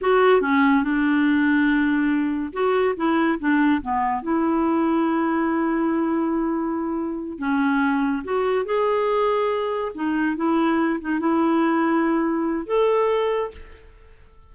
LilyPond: \new Staff \with { instrumentName = "clarinet" } { \time 4/4 \tempo 4 = 142 fis'4 cis'4 d'2~ | d'2 fis'4 e'4 | d'4 b4 e'2~ | e'1~ |
e'4. cis'2 fis'8~ | fis'8 gis'2. dis'8~ | dis'8 e'4. dis'8 e'4.~ | e'2 a'2 | }